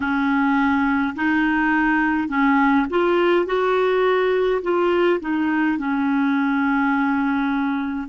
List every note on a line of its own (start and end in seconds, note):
0.00 1.14 C#4
1.15 2.28 D#4
2.28 2.86 C#4
2.90 3.46 F4
3.46 4.61 F#4
4.62 5.20 F4
5.20 5.77 D#4
5.77 8.08 C#4